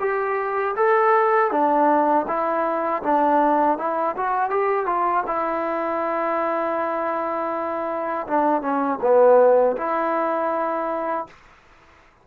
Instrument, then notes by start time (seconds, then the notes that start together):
trombone
0.00 G4
0.76 A4
1.51 D4
2.27 E4
3.03 D4
3.78 E4
4.16 F#4
4.50 G4
4.86 F4
5.27 E4
8.27 D4
8.61 C#4
9.01 B3
9.77 E4